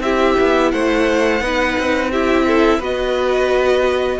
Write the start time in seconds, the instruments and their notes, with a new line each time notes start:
0.00 cello C4, viola E4, violin G4 E5
0.40 cello B3
0.72 cello A3, violin C5 F#5
1.41 cello B3, viola D#4, violin B4
1.78 cello C4
2.12 viola E4, violin G4 E5
2.47 violin A4
2.78 cello B3, viola F#4, violin B4 D#5